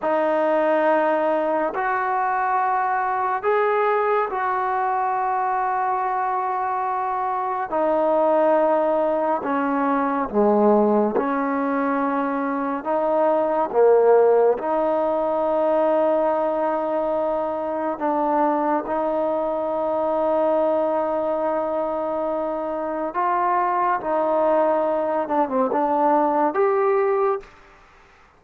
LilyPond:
\new Staff \with { instrumentName = "trombone" } { \time 4/4 \tempo 4 = 70 dis'2 fis'2 | gis'4 fis'2.~ | fis'4 dis'2 cis'4 | gis4 cis'2 dis'4 |
ais4 dis'2.~ | dis'4 d'4 dis'2~ | dis'2. f'4 | dis'4. d'16 c'16 d'4 g'4 | }